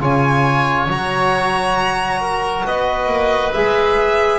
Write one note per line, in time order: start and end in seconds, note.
0.00 0.88 C#3
0.00 0.89 F4
0.00 2.22 C#5
0.00 0.92 G#5
0.88 2.65 F#3
0.88 3.54 F#4
0.88 2.67 A#5
2.22 2.66 A#4
2.66 3.07 B3
2.66 4.39 B4
2.66 3.54 D#5
3.07 3.51 A#3
3.54 4.39 G#3
3.54 4.39 G#4
3.54 4.39 E5